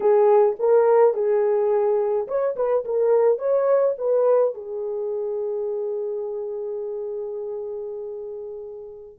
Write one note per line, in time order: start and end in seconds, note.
0.00 0.56 G#4
0.59 1.13 A#4
1.13 2.27 G#4
2.27 2.55 C#5
2.55 2.84 B4
2.84 3.38 A#4
3.38 3.94 C#5
3.98 4.54 B4
4.54 9.18 G#4